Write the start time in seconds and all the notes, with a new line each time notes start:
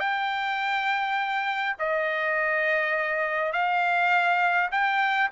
0.00 G5
1.79 D#5
3.53 F5
4.71 G5